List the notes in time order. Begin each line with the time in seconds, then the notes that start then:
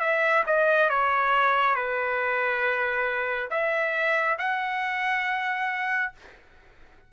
0.00 E5
0.47 D#5
0.89 C#5
1.75 B4
3.51 E5
4.38 F#5